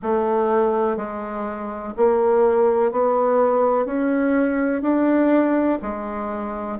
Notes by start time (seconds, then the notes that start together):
0.02 A3
0.96 G#3
1.97 A#3
2.91 B3
3.85 C#4
4.82 D4
5.82 G#3